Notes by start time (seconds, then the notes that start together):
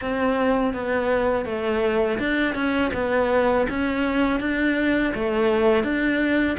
0.01 C4
0.73 B3
1.45 A3
2.18 D4
2.54 C#4
2.93 B3
3.69 C#4
4.40 D4
5.14 A3
5.83 D4